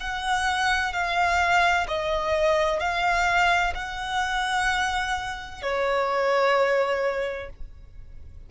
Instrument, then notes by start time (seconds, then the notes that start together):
violin
0.00 F#5
0.93 F5
1.87 D#5
2.80 F5
3.75 F#5
5.62 C#5